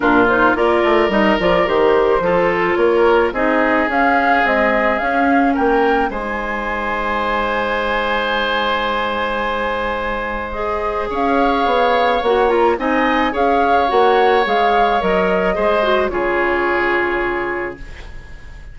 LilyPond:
<<
  \new Staff \with { instrumentName = "flute" } { \time 4/4 \tempo 4 = 108 ais'8 c''8 d''4 dis''8 d''8 c''4~ | c''4 cis''4 dis''4 f''4 | dis''4 f''4 g''4 gis''4~ | gis''1~ |
gis''2. dis''4 | f''2 fis''8 ais''8 gis''4 | f''4 fis''4 f''4 dis''4~ | dis''4 cis''2. | }
  \new Staff \with { instrumentName = "oboe" } { \time 4/4 f'4 ais'2. | a'4 ais'4 gis'2~ | gis'2 ais'4 c''4~ | c''1~ |
c''1 | cis''2. dis''4 | cis''1 | c''4 gis'2. | }
  \new Staff \with { instrumentName = "clarinet" } { \time 4/4 d'8 dis'8 f'4 dis'8 f'8 g'4 | f'2 dis'4 cis'4 | gis4 cis'2 dis'4~ | dis'1~ |
dis'2. gis'4~ | gis'2 fis'8 f'8 dis'4 | gis'4 fis'4 gis'4 ais'4 | gis'8 fis'8 f'2. | }
  \new Staff \with { instrumentName = "bassoon" } { \time 4/4 ais,4 ais8 a8 g8 f8 dis4 | f4 ais4 c'4 cis'4 | c'4 cis'4 ais4 gis4~ | gis1~ |
gis1 | cis'4 b4 ais4 c'4 | cis'4 ais4 gis4 fis4 | gis4 cis2. | }
>>